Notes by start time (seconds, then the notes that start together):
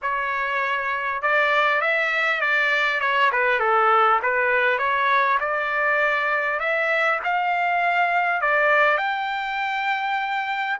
0.02 C#5
1.22 D5
1.81 E5
2.40 D5
3.00 C#5
3.32 B4
3.59 A4
4.22 B4
4.78 C#5
5.39 D5
6.59 E5
7.24 F5
8.41 D5
8.97 G5